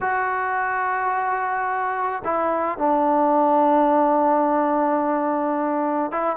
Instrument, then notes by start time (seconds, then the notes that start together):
trombone
0.00 F#4
2.24 E4
2.78 D4
6.11 E4